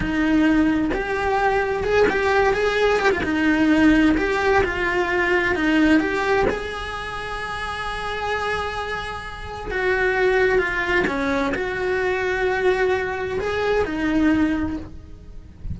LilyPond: \new Staff \with { instrumentName = "cello" } { \time 4/4 \tempo 4 = 130 dis'2 g'2 | gis'8 g'4 gis'4 g'16 f'16 dis'4~ | dis'4 g'4 f'2 | dis'4 g'4 gis'2~ |
gis'1~ | gis'4 fis'2 f'4 | cis'4 fis'2.~ | fis'4 gis'4 dis'2 | }